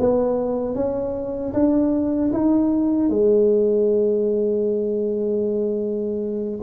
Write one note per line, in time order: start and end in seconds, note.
0.00 0.75 B3
0.75 1.53 C#4
1.53 2.31 D4
2.33 3.09 D#4
3.09 6.60 G#3